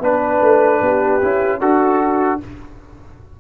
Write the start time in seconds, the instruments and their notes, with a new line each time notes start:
0.00 tuba B3, trombone D4, horn B4, trumpet B4
0.41 tuba A3
0.81 tuba B3, horn G4
1.22 tuba C#4, trombone E4
1.60 tuba D4, horn F#4, trombone F#4, trumpet A4